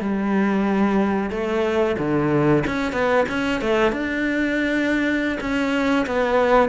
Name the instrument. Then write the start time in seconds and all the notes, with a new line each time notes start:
cello
0.00 G3
1.30 A3
1.98 D3
2.66 C#4
2.92 B3
3.28 C#4
3.61 A3
3.92 D4
5.40 C#4
6.06 B3